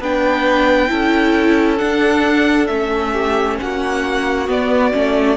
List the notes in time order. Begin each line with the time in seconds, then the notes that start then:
0.00 B3 D4 B4 G5
0.89 C#4 E4 A4
1.78 D4 F#5
2.67 A3 C#4 E5
3.12 G4
3.60 A#3 F#4 F#5
4.47 B3 D5
4.92 A3 C#4